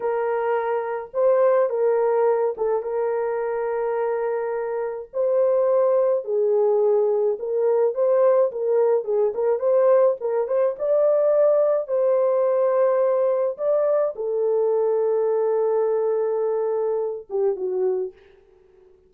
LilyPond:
\new Staff \with { instrumentName = "horn" } { \time 4/4 \tempo 4 = 106 ais'2 c''4 ais'4~ | ais'8 a'8 ais'2.~ | ais'4 c''2 gis'4~ | gis'4 ais'4 c''4 ais'4 |
gis'8 ais'8 c''4 ais'8 c''8 d''4~ | d''4 c''2. | d''4 a'2.~ | a'2~ a'8 g'8 fis'4 | }